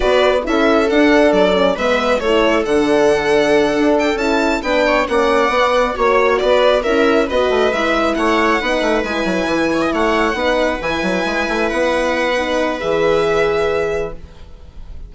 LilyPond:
<<
  \new Staff \with { instrumentName = "violin" } { \time 4/4 \tempo 4 = 136 d''4 e''4 fis''4 d''4 | e''4 cis''4 fis''2~ | fis''4 g''8 a''4 g''4 fis''8~ | fis''4. cis''4 d''4 e''8~ |
e''8 dis''4 e''4 fis''4.~ | fis''8 gis''2 fis''4.~ | fis''8 gis''2 fis''4.~ | fis''4 e''2. | }
  \new Staff \with { instrumentName = "viola" } { \time 4/4 b'4 a'2. | b'4 a'2.~ | a'2~ a'8 b'8 cis''8 d''8~ | d''4. cis''4 b'4 ais'8~ |
ais'8 b'2 cis''4 b'8~ | b'2 cis''16 dis''16 cis''4 b'8~ | b'1~ | b'1 | }
  \new Staff \with { instrumentName = "horn" } { \time 4/4 fis'4 e'4 d'4. cis'8 | b4 e'4 d'2~ | d'4. e'4 d'4 cis'8~ | cis'8 b4 fis'2 e'8~ |
e'8 fis'4 e'2 dis'8~ | dis'8 e'2. dis'8~ | dis'8 e'2.~ e'8 | dis'4 gis'2. | }
  \new Staff \with { instrumentName = "bassoon" } { \time 4/4 b4 cis'4 d'4 fis4 | gis4 a4 d2~ | d8 d'4 cis'4 b4 ais8~ | ais8 b4 ais4 b4 cis'8~ |
cis'8 b8 a8 gis4 a4 b8 | a8 gis8 fis8 e4 a4 b8~ | b8 e8 fis8 gis8 a8 b4.~ | b4 e2. | }
>>